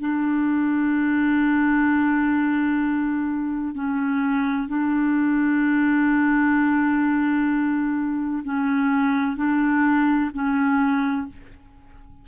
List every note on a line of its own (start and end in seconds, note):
0.00 3.75 D4
3.75 4.68 C#4
4.68 8.43 D4
8.44 9.37 C#4
9.37 10.30 D4
10.34 11.28 C#4